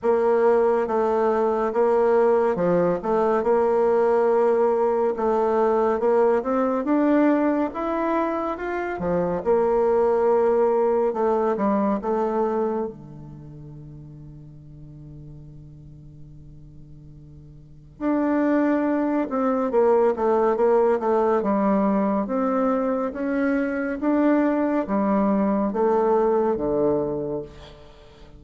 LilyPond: \new Staff \with { instrumentName = "bassoon" } { \time 4/4 \tempo 4 = 70 ais4 a4 ais4 f8 a8 | ais2 a4 ais8 c'8 | d'4 e'4 f'8 f8 ais4~ | ais4 a8 g8 a4 d4~ |
d1~ | d4 d'4. c'8 ais8 a8 | ais8 a8 g4 c'4 cis'4 | d'4 g4 a4 d4 | }